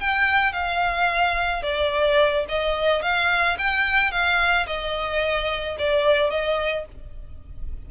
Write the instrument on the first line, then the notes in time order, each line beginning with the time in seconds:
violin
0.00 G5
0.52 F5
1.62 D5
2.48 D#5
3.02 F5
3.58 G5
4.11 F5
4.66 D#5
5.78 D5
6.30 D#5